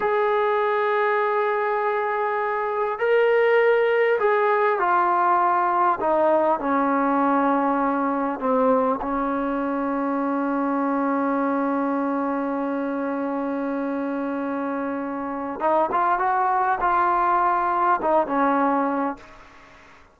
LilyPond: \new Staff \with { instrumentName = "trombone" } { \time 4/4 \tempo 4 = 100 gis'1~ | gis'4 ais'2 gis'4 | f'2 dis'4 cis'4~ | cis'2 c'4 cis'4~ |
cis'1~ | cis'1~ | cis'2 dis'8 f'8 fis'4 | f'2 dis'8 cis'4. | }